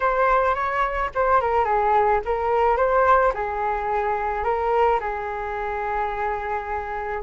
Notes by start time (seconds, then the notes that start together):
0.00 C5
0.55 C#5
1.15 C5
1.40 A#4
1.64 G#4
2.25 A#4
2.76 C5
3.34 G#4
4.44 A#4
5.00 G#4